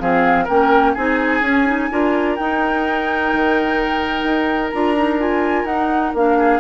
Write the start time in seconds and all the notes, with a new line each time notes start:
0.00 F3 C4 G#4 F5
0.45 A#3 C#4 A#4 G5
0.95 C4 D#4 G#4 G#5
1.42 C#4
1.66 D#4
1.91 D4 F4 A#4
2.36 D#4 G5
3.34 D#3
4.24 D#4
4.71 D4 F4 A#5
4.96 D#4
5.20 F4 G#5
5.65 D#4 F#5
6.14 A#3 D4 F5
6.39 G#4